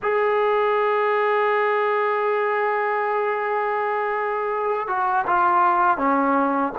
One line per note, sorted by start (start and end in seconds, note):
0.02 4.87 G#4
4.87 5.25 F#4
5.26 5.97 F4
5.97 6.72 C#4